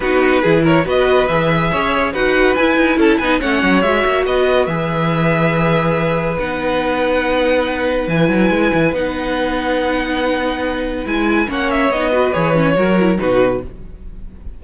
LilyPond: <<
  \new Staff \with { instrumentName = "violin" } { \time 4/4 \tempo 4 = 141 b'4. cis''8 dis''4 e''4~ | e''4 fis''4 gis''4 a''8 gis''8 | fis''4 e''4 dis''4 e''4~ | e''2. fis''4~ |
fis''2. gis''4~ | gis''4 fis''2.~ | fis''2 gis''4 fis''8 e''8 | dis''4 cis''2 b'4 | }
  \new Staff \with { instrumentName = "violin" } { \time 4/4 fis'4 gis'8 ais'8 b'2 | cis''4 b'2 a'8 b'8 | cis''2 b'2~ | b'1~ |
b'1~ | b'1~ | b'2. cis''4~ | cis''8 b'4. ais'4 fis'4 | }
  \new Staff \with { instrumentName = "viola" } { \time 4/4 dis'4 e'4 fis'4 gis'4~ | gis'4 fis'4 e'4. dis'8 | cis'4 fis'2 gis'4~ | gis'2. dis'4~ |
dis'2. e'4~ | e'4 dis'2.~ | dis'2 e'4 cis'4 | dis'8 fis'8 gis'8 cis'8 fis'8 e'8 dis'4 | }
  \new Staff \with { instrumentName = "cello" } { \time 4/4 b4 e4 b4 e4 | cis'4 dis'4 e'8 dis'8 cis'8 b8 | a8 fis8 gis8 ais8 b4 e4~ | e2. b4~ |
b2. e8 fis8 | gis8 e8 b2.~ | b2 gis4 ais4 | b4 e4 fis4 b,4 | }
>>